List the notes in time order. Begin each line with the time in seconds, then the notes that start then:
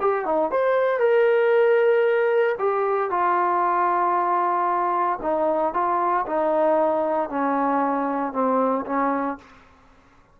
0.00 G4
0.25 D#4
0.51 C5
0.99 A#4
2.58 G4
3.10 F4
5.22 D#4
5.73 F4
6.26 D#4
7.29 C#4
8.33 C4
8.86 C#4